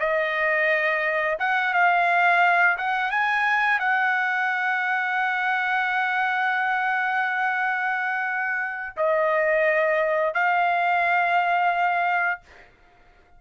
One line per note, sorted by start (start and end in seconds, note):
0.00 1.38 D#5
1.39 1.74 F#5
1.74 2.78 F5
2.78 3.11 F#5
3.11 3.80 G#5
3.80 8.97 F#5
8.97 10.34 D#5
10.34 12.41 F5